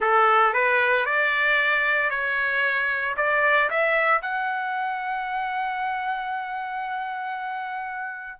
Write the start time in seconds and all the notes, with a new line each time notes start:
0.00 A4
0.53 B4
1.05 D5
2.10 C#5
3.17 D5
3.70 E5
4.21 F#5